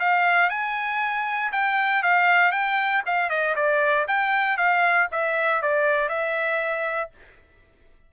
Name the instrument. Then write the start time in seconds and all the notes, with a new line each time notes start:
trumpet
0.00 F5
0.50 G#5
1.52 G5
2.03 F5
2.52 G5
3.06 F5
3.30 D#5
3.56 D5
4.08 G5
4.57 F5
5.12 E5
5.63 D5
6.09 E5